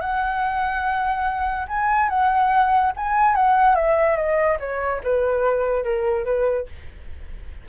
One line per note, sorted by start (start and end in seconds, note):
0.00 1.67 F#5
1.68 2.09 G#5
2.09 2.92 F#5
2.96 3.35 G#5
3.35 3.75 F#5
3.75 4.16 E5
4.16 4.58 D#5
4.59 5.01 C#5
5.03 5.83 B4
5.83 6.24 A#4
6.24 6.66 B4